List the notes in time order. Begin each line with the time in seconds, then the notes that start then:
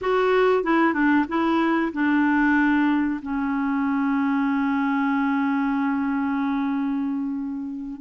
0.01 F#4
0.63 E4
0.93 D4
1.28 E4
1.92 D4
3.22 C#4